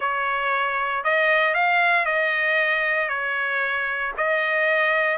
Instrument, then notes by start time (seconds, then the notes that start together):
trumpet
0.00 C#5
1.03 D#5
1.54 F5
2.05 D#5
3.08 C#5
4.17 D#5